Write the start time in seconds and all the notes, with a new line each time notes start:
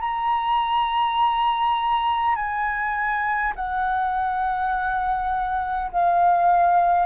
0.00 A#5
2.35 G#5
3.56 F#5
5.91 F5